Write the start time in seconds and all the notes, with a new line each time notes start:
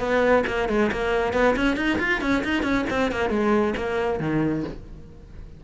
0.00 B3
0.47 A#3
0.69 G#3
0.92 A#3
1.34 B3
1.56 C#4
1.77 D#4
2.00 F4
2.22 C#4
2.44 D#4
2.63 C#4
2.90 C4
3.12 A#3
3.30 G#3
3.77 A#3
4.20 D#3